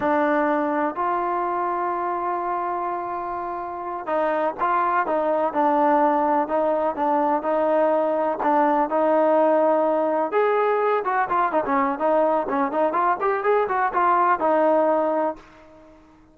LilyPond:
\new Staff \with { instrumentName = "trombone" } { \time 4/4 \tempo 4 = 125 d'2 f'2~ | f'1~ | f'8 dis'4 f'4 dis'4 d'8~ | d'4. dis'4 d'4 dis'8~ |
dis'4. d'4 dis'4.~ | dis'4. gis'4. fis'8 f'8 | dis'16 cis'8. dis'4 cis'8 dis'8 f'8 g'8 | gis'8 fis'8 f'4 dis'2 | }